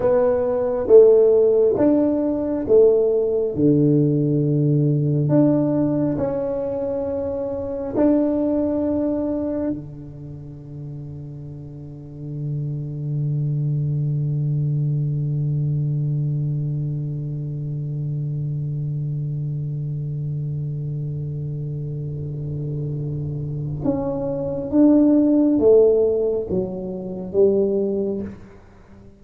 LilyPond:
\new Staff \with { instrumentName = "tuba" } { \time 4/4 \tempo 4 = 68 b4 a4 d'4 a4 | d2 d'4 cis'4~ | cis'4 d'2 d4~ | d1~ |
d1~ | d1~ | d2. cis'4 | d'4 a4 fis4 g4 | }